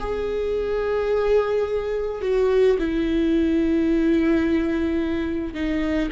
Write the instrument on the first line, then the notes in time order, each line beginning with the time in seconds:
viola
0.00 G#4
2.22 F#4
2.79 E4
5.54 D#4